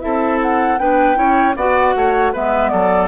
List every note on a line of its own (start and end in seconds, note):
0.00 0.79 C4
0.00 0.77 E4
0.00 0.80 A4
0.00 0.38 E5
0.42 0.78 F#5
0.78 1.16 B3
0.78 1.15 D4
0.78 1.18 B4
0.78 1.55 G5
1.15 1.54 C#4
1.15 1.53 E4
1.15 1.56 C#5
1.55 1.94 B3
1.55 2.33 F#4
1.55 1.95 D5
1.55 2.34 F#5
1.95 2.33 A3
1.95 2.32 C#5
2.32 2.72 G#3
2.32 3.08 B3
2.32 2.71 B4
2.32 2.69 E5
2.69 3.08 F#3
2.69 3.08 A4
2.69 3.07 D5